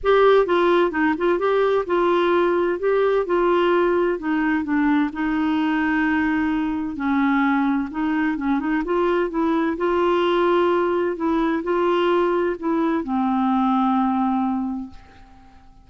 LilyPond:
\new Staff \with { instrumentName = "clarinet" } { \time 4/4 \tempo 4 = 129 g'4 f'4 dis'8 f'8 g'4 | f'2 g'4 f'4~ | f'4 dis'4 d'4 dis'4~ | dis'2. cis'4~ |
cis'4 dis'4 cis'8 dis'8 f'4 | e'4 f'2. | e'4 f'2 e'4 | c'1 | }